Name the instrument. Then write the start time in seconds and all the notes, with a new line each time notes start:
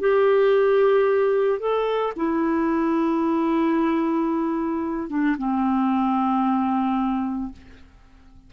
clarinet
0.00 G4
1.60 A4
2.17 E4
5.10 D4
5.38 C4